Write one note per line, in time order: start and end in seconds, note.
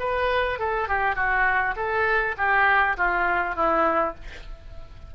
0.00 0.59 B4
0.59 0.89 A4
0.89 1.16 G4
1.16 1.75 F#4
1.76 2.36 A4
2.38 2.97 G4
2.97 3.56 F4
3.56 4.15 E4